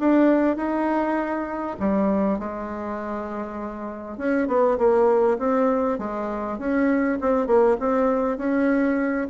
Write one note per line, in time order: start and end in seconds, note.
0.00 0.57 D4
0.57 1.77 D#4
1.80 2.39 G3
2.39 4.18 G#3
4.18 4.48 C#4
4.48 4.78 B3
4.79 5.39 A#3
5.39 5.99 C4
5.99 6.59 G#3
6.59 7.19 C#4
7.21 7.47 C4
7.47 7.77 A#3
7.80 8.38 C4
8.38 9.28 C#4